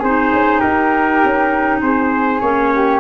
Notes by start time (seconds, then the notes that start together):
0.00 C4 D#4 G#4 C5
0.33 C#4
0.60 D#4 G4 A#4
1.25 C#4
1.82 C4 G#4 C5
2.41 A#3 C#4 C#5
2.75 G4